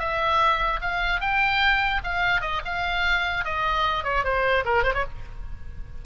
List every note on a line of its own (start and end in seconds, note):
0.00 0.81 E5
0.82 1.21 F5
1.21 2.02 G5
2.04 2.42 F5
2.42 2.62 D#5
2.66 3.45 F5
3.45 4.05 D#5
4.05 4.24 C#5
4.24 4.65 C5
4.65 4.84 A#4
4.84 4.94 C5
4.95 5.05 C#5